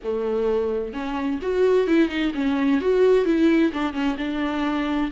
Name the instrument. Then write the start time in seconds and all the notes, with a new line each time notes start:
viola
0.03 A3
0.93 C#4
1.41 F#4
1.87 E4
2.08 D#4
2.34 C#4
2.80 F#4
3.25 E4
3.73 D4
3.93 C#4
4.17 D4